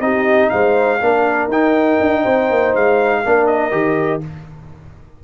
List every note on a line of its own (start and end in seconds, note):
0.00 0.50 C4
0.00 1.00 D#4
0.00 0.52 G4
0.00 0.50 D#5
0.50 1.01 G#3
0.50 1.02 C5
0.50 1.49 F5
1.00 1.48 A#3
1.00 1.50 D4
1.00 2.22 A#4
1.48 1.97 D#4
1.48 3.25 D#4
1.48 2.75 G5
2.00 2.25 D4
2.22 2.50 C4
2.22 3.21 C5
2.50 2.75 A#3
2.75 3.25 G#3
2.75 3.46 F5
3.25 3.72 A#3
3.25 3.71 D4
3.25 4.24 A#4
3.46 4.21 D#5
3.71 4.21 D#3
3.71 4.21 G4